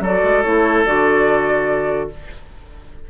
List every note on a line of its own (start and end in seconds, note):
0.00 0.21 F#3
0.00 0.44 F#4
0.00 2.09 A4
0.00 0.42 D5
0.23 0.44 G#3
0.42 0.86 A3
0.42 0.85 E4
0.42 0.84 C#5
0.85 2.10 D3
0.85 2.10 F#4
0.85 2.09 D5